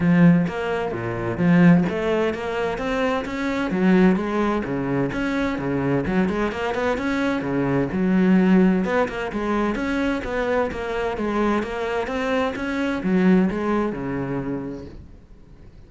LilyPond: \new Staff \with { instrumentName = "cello" } { \time 4/4 \tempo 4 = 129 f4 ais4 ais,4 f4 | a4 ais4 c'4 cis'4 | fis4 gis4 cis4 cis'4 | cis4 fis8 gis8 ais8 b8 cis'4 |
cis4 fis2 b8 ais8 | gis4 cis'4 b4 ais4 | gis4 ais4 c'4 cis'4 | fis4 gis4 cis2 | }